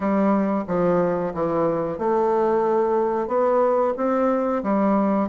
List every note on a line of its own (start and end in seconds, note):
0.00 0.64 G3
0.67 1.33 F3
1.34 1.98 E3
1.98 3.27 A3
3.27 3.93 B3
3.97 4.62 C4
4.63 5.28 G3